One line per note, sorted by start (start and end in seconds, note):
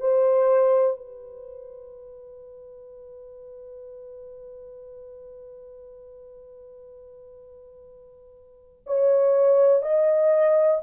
0.00 0.97 C5
0.97 8.83 B4
8.87 9.82 C#5
9.82 10.81 D#5